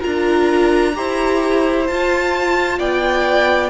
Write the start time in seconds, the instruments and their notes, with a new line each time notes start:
0.00 cello D4, viola F4, violin A#4 A#5
0.94 cello E4, viola G4, violin C5
1.87 cello F4, viola F4, violin A5
2.78 cello B3, violin D5 G5